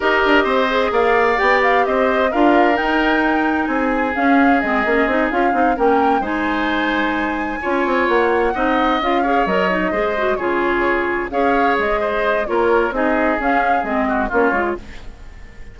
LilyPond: <<
  \new Staff \with { instrumentName = "flute" } { \time 4/4 \tempo 4 = 130 dis''2 f''4 g''8 f''8 | dis''4 f''4 g''2 | gis''4 f''4 dis''4. f''8~ | f''8 g''4 gis''2~ gis''8~ |
gis''4. fis''2 f''8~ | f''8 dis''2 cis''4.~ | cis''8 f''4 dis''4. cis''4 | dis''4 f''4 dis''4 cis''4 | }
  \new Staff \with { instrumentName = "oboe" } { \time 4/4 ais'4 c''4 d''2 | c''4 ais'2. | gis'1~ | gis'8 ais'4 c''2~ c''8~ |
c''8 cis''2 dis''4. | cis''4. c''4 gis'4.~ | gis'8 cis''4. c''4 ais'4 | gis'2~ gis'8 fis'8 f'4 | }
  \new Staff \with { instrumentName = "clarinet" } { \time 4/4 g'4. gis'4. g'4~ | g'4 f'4 dis'2~ | dis'4 cis'4 c'8 cis'8 dis'8 f'8 | dis'8 cis'4 dis'2~ dis'8~ |
dis'8 f'2 dis'4 f'8 | gis'8 ais'8 dis'8 gis'8 fis'8 f'4.~ | f'8 gis'2~ gis'8 f'4 | dis'4 cis'4 c'4 cis'8 f'8 | }
  \new Staff \with { instrumentName = "bassoon" } { \time 4/4 dis'8 d'8 c'4 ais4 b4 | c'4 d'4 dis'2 | c'4 cis'4 gis8 ais8 c'8 cis'8 | c'8 ais4 gis2~ gis8~ |
gis8 cis'8 c'8 ais4 c'4 cis'8~ | cis'8 fis4 gis4 cis4.~ | cis8 cis'4 gis4. ais4 | c'4 cis'4 gis4 ais8 gis8 | }
>>